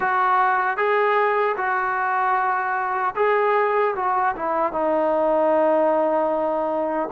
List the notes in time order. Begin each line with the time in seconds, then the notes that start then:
0.00 F#4
0.77 G#4
1.56 F#4
3.15 G#4
3.95 F#4
4.35 E4
4.72 D#4